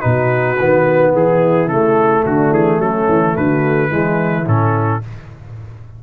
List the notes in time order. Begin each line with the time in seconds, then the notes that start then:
0.00 B2 D#4 F#4 B4
0.60 D#3 B3
1.14 E3 E4 G#4
1.67 C#3 A3 A4
2.25 D3 D4 F#4
2.52 E3 G#4
2.79 F#3 C#4 A4
3.08 E3
3.36 D3 F#4 B4
3.90 E3 G#3 E4
4.46 A2 C#4 A4